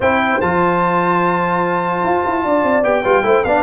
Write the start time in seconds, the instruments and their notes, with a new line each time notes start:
0.00 tuba C4, trombone E4, horn C5, trumpet G5
0.40 tuba F3, trombone F4, trumpet A5
2.03 tuba F4
2.26 tuba E4
2.44 tuba D4, horn D5
2.63 tuba C4
2.83 tuba B3, trombone G4, trumpet G5
3.03 tuba G3, trombone F4, horn B4
3.23 tuba A3, trombone E4, horn C5
3.44 tuba B3, trombone D4, horn D5, trumpet F5